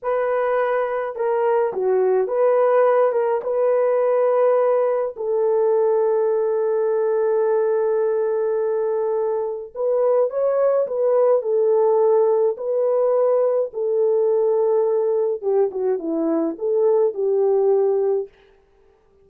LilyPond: \new Staff \with { instrumentName = "horn" } { \time 4/4 \tempo 4 = 105 b'2 ais'4 fis'4 | b'4. ais'8 b'2~ | b'4 a'2.~ | a'1~ |
a'4 b'4 cis''4 b'4 | a'2 b'2 | a'2. g'8 fis'8 | e'4 a'4 g'2 | }